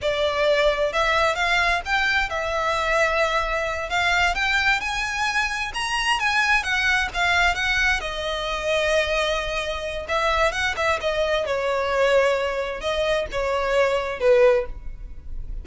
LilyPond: \new Staff \with { instrumentName = "violin" } { \time 4/4 \tempo 4 = 131 d''2 e''4 f''4 | g''4 e''2.~ | e''8 f''4 g''4 gis''4.~ | gis''8 ais''4 gis''4 fis''4 f''8~ |
f''8 fis''4 dis''2~ dis''8~ | dis''2 e''4 fis''8 e''8 | dis''4 cis''2. | dis''4 cis''2 b'4 | }